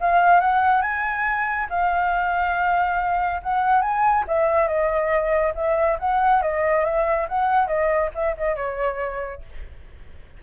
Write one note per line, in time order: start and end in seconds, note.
0.00 0.40 F5
0.40 0.81 F#5
0.81 1.67 G#5
1.69 3.41 F5
3.43 3.81 F#5
3.81 4.24 G#5
4.27 4.67 E5
4.67 5.53 D#5
5.55 5.98 E5
5.99 6.41 F#5
6.41 6.84 D#5
6.85 7.27 E5
7.28 7.67 F#5
7.67 8.10 D#5
8.14 8.36 E5
8.37 8.56 D#5
8.56 9.41 C#5